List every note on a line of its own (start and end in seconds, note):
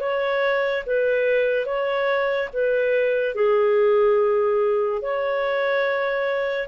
0.00 0.83 C#5
0.86 1.66 B4
1.66 2.49 C#5
2.53 3.35 B4
3.35 5.02 G#4
5.02 6.67 C#5